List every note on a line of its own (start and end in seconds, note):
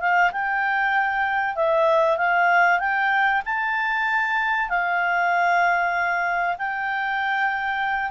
0.00 0.31 F5
0.32 1.56 G5
1.56 2.18 E5
2.18 2.80 F5
2.80 3.42 G5
3.45 4.69 A5
4.69 6.57 F5
6.58 8.11 G5